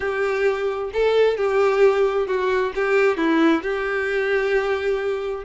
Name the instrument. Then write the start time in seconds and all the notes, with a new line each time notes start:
violin
0.00 G4
0.93 A4
1.37 G4
2.27 F#4
2.75 G4
3.17 E4
3.62 G4